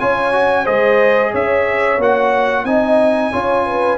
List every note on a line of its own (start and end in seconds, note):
0.00 0.67 C#4
0.00 0.33 F4
0.00 0.64 C#5
0.00 0.66 G#5
0.33 0.66 F#4
0.64 1.34 G#3
0.64 1.99 G#4
0.64 1.31 C5
0.64 1.33 D#5
1.32 1.98 C#4
1.32 2.65 C#5
1.32 2.02 E5
1.98 2.64 A#3
1.98 2.66 F#4
1.98 2.65 F#5
2.64 3.31 C4
2.64 3.32 D#4
2.64 3.32 D#5
2.64 3.98 G#5
3.32 3.98 C#4
3.32 3.98 F4
3.32 3.65 C#5
3.66 3.98 B4